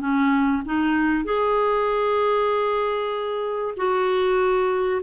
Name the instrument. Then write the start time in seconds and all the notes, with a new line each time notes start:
clarinet
0.00 C#4
0.65 D#4
1.24 G#4
3.76 F#4